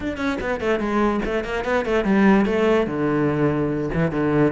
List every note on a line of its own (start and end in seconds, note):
0.00 0.17 D4
0.17 0.37 C#4
0.41 0.60 B3
0.60 0.79 A3
0.79 1.20 G#3
1.25 1.44 A3
1.44 1.64 A#3
1.64 1.85 B3
1.85 2.04 A3
2.04 2.45 G3
2.45 2.87 A3
2.87 3.89 D3
3.93 4.11 E3
4.11 4.52 D3